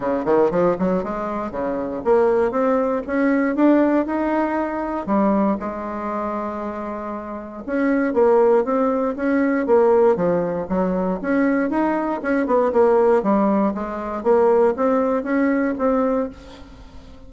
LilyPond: \new Staff \with { instrumentName = "bassoon" } { \time 4/4 \tempo 4 = 118 cis8 dis8 f8 fis8 gis4 cis4 | ais4 c'4 cis'4 d'4 | dis'2 g4 gis4~ | gis2. cis'4 |
ais4 c'4 cis'4 ais4 | f4 fis4 cis'4 dis'4 | cis'8 b8 ais4 g4 gis4 | ais4 c'4 cis'4 c'4 | }